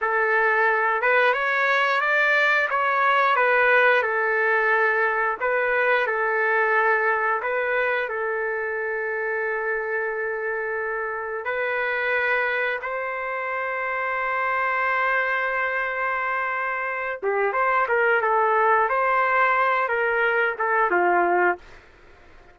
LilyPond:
\new Staff \with { instrumentName = "trumpet" } { \time 4/4 \tempo 4 = 89 a'4. b'8 cis''4 d''4 | cis''4 b'4 a'2 | b'4 a'2 b'4 | a'1~ |
a'4 b'2 c''4~ | c''1~ | c''4. g'8 c''8 ais'8 a'4 | c''4. ais'4 a'8 f'4 | }